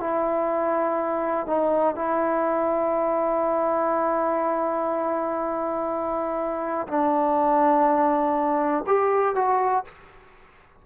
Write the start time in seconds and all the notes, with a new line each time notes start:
0.00 E4
1.47 D#4
1.95 E4
6.87 D4
8.86 G4
9.35 F#4